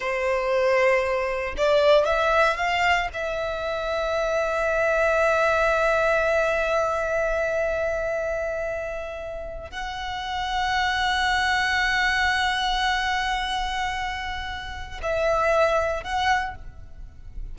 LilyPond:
\new Staff \with { instrumentName = "violin" } { \time 4/4 \tempo 4 = 116 c''2. d''4 | e''4 f''4 e''2~ | e''1~ | e''1~ |
e''2~ e''8. fis''4~ fis''16~ | fis''1~ | fis''1~ | fis''4 e''2 fis''4 | }